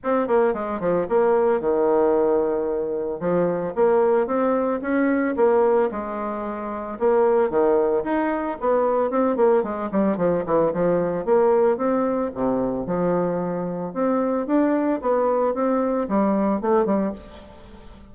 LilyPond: \new Staff \with { instrumentName = "bassoon" } { \time 4/4 \tempo 4 = 112 c'8 ais8 gis8 f8 ais4 dis4~ | dis2 f4 ais4 | c'4 cis'4 ais4 gis4~ | gis4 ais4 dis4 dis'4 |
b4 c'8 ais8 gis8 g8 f8 e8 | f4 ais4 c'4 c4 | f2 c'4 d'4 | b4 c'4 g4 a8 g8 | }